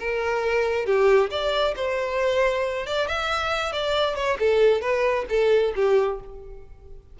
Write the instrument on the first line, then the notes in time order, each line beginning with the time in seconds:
violin
0.00 A#4
0.86 G4
1.31 D5
1.76 C5
2.87 D5
3.08 E5
3.73 D5
4.16 C#5
4.40 A4
4.81 B4
5.30 A4
5.76 G4